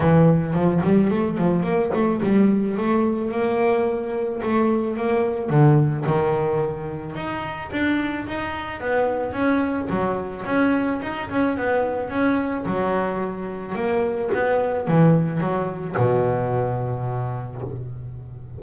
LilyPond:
\new Staff \with { instrumentName = "double bass" } { \time 4/4 \tempo 4 = 109 e4 f8 g8 a8 f8 ais8 a8 | g4 a4 ais2 | a4 ais4 d4 dis4~ | dis4 dis'4 d'4 dis'4 |
b4 cis'4 fis4 cis'4 | dis'8 cis'8 b4 cis'4 fis4~ | fis4 ais4 b4 e4 | fis4 b,2. | }